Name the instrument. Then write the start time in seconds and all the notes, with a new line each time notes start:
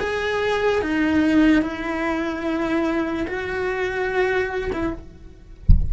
cello
0.00 G#4
0.82 D#4
1.62 E4
3.27 F#4
4.73 E4